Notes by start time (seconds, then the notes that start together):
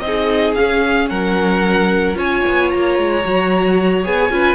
0.00 C4 D#5
0.06 D#4 G#4
0.55 C#4 F5
1.09 F#3 A#4 F#5
2.14 C#4 F4 C#5 G#5
2.47 B3
2.71 A#3 A#5
2.98 G#3
3.25 F#3 F#4
4.04 B3 G#4 G#5
4.30 C#4 F4 B4